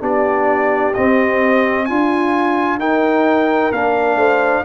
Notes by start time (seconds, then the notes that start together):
0.00 B3 D4 G4 D5
0.93 C4 D#5
1.85 D4 F4 G#5
2.78 D#4 A#4 G5
3.71 A#3 D4 F5
4.15 A3 C5